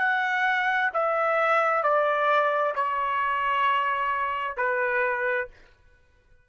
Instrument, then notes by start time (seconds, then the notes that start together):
trumpet
0.00 F#5
0.94 E5
1.84 D5
2.76 C#5
4.57 B4